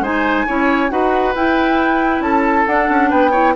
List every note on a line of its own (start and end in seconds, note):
0.00 0.44 G#3
0.00 0.47 D#4
0.00 0.46 C5
0.00 0.90 G#5
0.47 0.91 C#4
0.47 0.89 E4
0.47 0.91 C#5
0.89 1.34 D#4
0.89 1.33 F#4
0.89 2.24 B4
0.89 1.34 F#5
1.34 2.20 E4
1.34 2.67 E4
1.34 2.21 G5
2.20 2.64 C#4
2.20 3.10 A4
2.20 2.66 A5
2.66 3.33 D4
2.66 2.89 D4
2.66 3.10 F#5
2.89 3.11 C#4
3.10 3.56 B3
3.10 3.31 B4
3.10 3.55 G5
3.31 3.55 E4
3.31 3.53 C#5